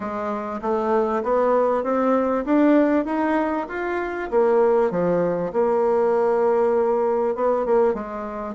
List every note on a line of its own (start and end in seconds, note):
0.00 0.60 G#3
0.61 1.22 A3
1.23 1.83 B3
1.83 2.45 C4
2.45 3.05 D4
3.05 3.66 D#4
3.68 4.29 F4
4.30 4.91 A#3
4.91 5.52 F3
5.52 7.35 A#3
7.35 7.65 B3
7.65 7.94 A#3
7.94 8.54 G#3